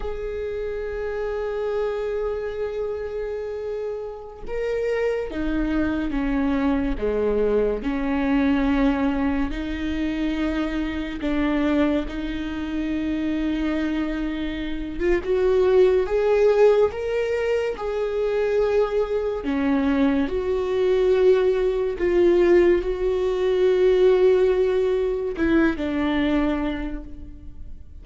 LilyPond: \new Staff \with { instrumentName = "viola" } { \time 4/4 \tempo 4 = 71 gis'1~ | gis'4~ gis'16 ais'4 dis'4 cis'8.~ | cis'16 gis4 cis'2 dis'8.~ | dis'4~ dis'16 d'4 dis'4.~ dis'16~ |
dis'4.~ dis'16 f'16 fis'4 gis'4 | ais'4 gis'2 cis'4 | fis'2 f'4 fis'4~ | fis'2 e'8 d'4. | }